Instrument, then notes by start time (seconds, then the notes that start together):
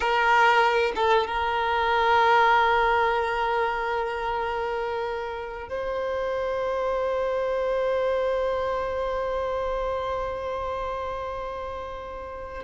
violin
0.00 A#4
0.95 A4
1.26 A#4
5.68 C5